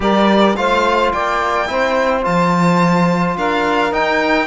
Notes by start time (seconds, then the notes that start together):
0.00 G3 G4 A#4 D5
0.55 A3 F4 C5 F5
1.12 A#3 D5 G5
1.66 C4 E4 C5
2.22 F3 F4 A5
3.37 D4 A#4 F5
3.91 D#4 G5